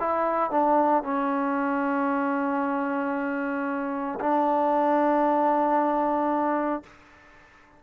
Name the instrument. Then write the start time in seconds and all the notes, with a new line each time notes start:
trombone
0.00 E4
0.51 D4
1.03 C#4
4.20 D4